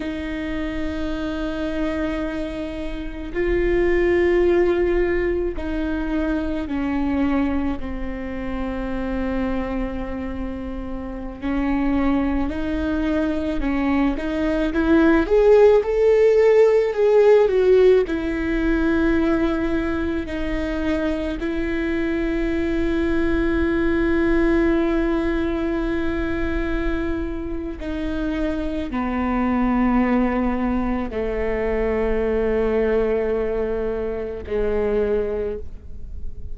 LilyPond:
\new Staff \with { instrumentName = "viola" } { \time 4/4 \tempo 4 = 54 dis'2. f'4~ | f'4 dis'4 cis'4 c'4~ | c'2~ c'16 cis'4 dis'8.~ | dis'16 cis'8 dis'8 e'8 gis'8 a'4 gis'8 fis'16~ |
fis'16 e'2 dis'4 e'8.~ | e'1~ | e'4 dis'4 b2 | a2. gis4 | }